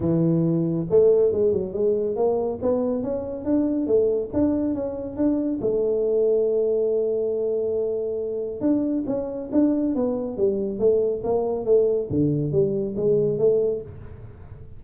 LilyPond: \new Staff \with { instrumentName = "tuba" } { \time 4/4 \tempo 4 = 139 e2 a4 gis8 fis8 | gis4 ais4 b4 cis'4 | d'4 a4 d'4 cis'4 | d'4 a2.~ |
a1 | d'4 cis'4 d'4 b4 | g4 a4 ais4 a4 | d4 g4 gis4 a4 | }